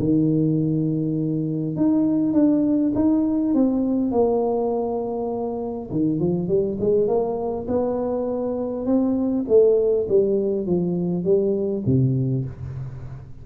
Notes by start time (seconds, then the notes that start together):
0.00 D#3
1.77 D#4
2.34 D4
2.96 D#4
3.55 C4
4.12 A#3
5.91 D#3
6.20 F3
6.49 G3
6.81 G#3
7.08 A#3
7.68 B3
8.86 C4
9.49 A3
10.09 G3
10.67 F3
11.24 G3
11.86 C3